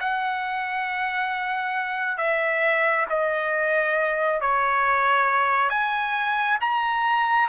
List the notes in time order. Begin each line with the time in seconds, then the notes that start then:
0.00 F#5
2.17 E5
3.10 D#5
4.40 C#5
5.70 G#5
6.61 A#5